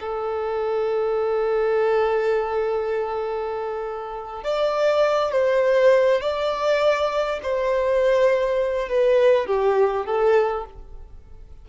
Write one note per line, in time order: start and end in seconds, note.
0.00 4.44 A4
4.44 5.32 D5
5.32 6.21 C5
6.22 7.40 D5
7.43 8.89 C5
8.89 9.47 B4
9.47 10.06 G4
10.06 10.65 A4